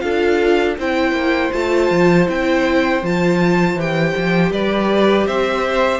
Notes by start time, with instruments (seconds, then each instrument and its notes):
0.00 cello D4, viola F4, violin A4 F5
0.78 cello C4, viola E4, violin C5 G5
1.12 cello A#3
1.52 cello A3, viola F4, violin A5
1.90 cello F3
2.27 cello C4, viola E4, violin G5
3.03 cello F3, viola F4, violin A5
3.75 cello E3, viola G4, violin G5
4.17 cello F3
4.51 cello G3, violin B4 D5
5.27 cello C4, violin C5 E5